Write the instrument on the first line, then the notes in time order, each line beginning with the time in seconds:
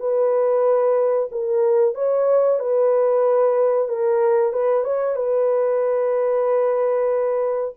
horn
0.00 B4
1.32 A#4
1.95 C#5
2.60 B4
3.88 A#4
4.53 B4
4.84 C#5
5.16 B4